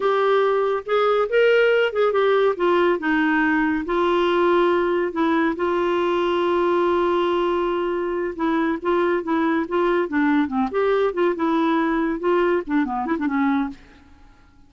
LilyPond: \new Staff \with { instrumentName = "clarinet" } { \time 4/4 \tempo 4 = 140 g'2 gis'4 ais'4~ | ais'8 gis'8 g'4 f'4 dis'4~ | dis'4 f'2. | e'4 f'2.~ |
f'2.~ f'8 e'8~ | e'8 f'4 e'4 f'4 d'8~ | d'8 c'8 g'4 f'8 e'4.~ | e'8 f'4 d'8 b8 e'16 d'16 cis'4 | }